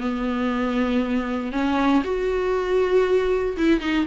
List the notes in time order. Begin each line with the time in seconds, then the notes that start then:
0.00 B3
1.52 C#4
2.04 F#4
3.57 E4
3.80 D#4